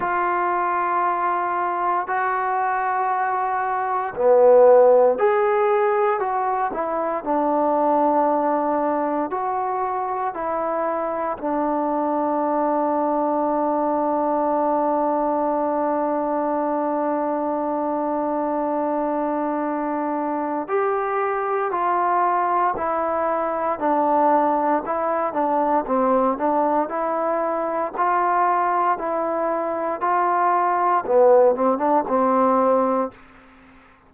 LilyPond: \new Staff \with { instrumentName = "trombone" } { \time 4/4 \tempo 4 = 58 f'2 fis'2 | b4 gis'4 fis'8 e'8 d'4~ | d'4 fis'4 e'4 d'4~ | d'1~ |
d'1 | g'4 f'4 e'4 d'4 | e'8 d'8 c'8 d'8 e'4 f'4 | e'4 f'4 b8 c'16 d'16 c'4 | }